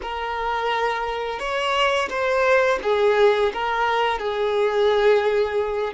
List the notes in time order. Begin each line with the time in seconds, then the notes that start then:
0.02 A#4
1.39 C#5
2.09 C5
2.82 G#4
3.53 A#4
4.18 G#4